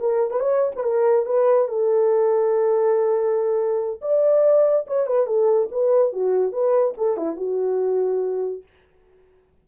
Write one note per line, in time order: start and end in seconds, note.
0.00 0.31 A#4
0.31 0.40 B4
0.40 0.72 C#5
0.76 0.84 B4
0.84 1.26 A#4
1.26 1.68 B4
1.68 4.01 A4
4.02 4.86 D5
4.87 5.06 C#5
5.06 5.27 B4
5.27 5.69 A4
5.72 6.13 B4
6.13 6.52 F#4
6.52 6.94 B4
6.98 7.17 A4
7.17 7.36 E4
7.36 8.63 F#4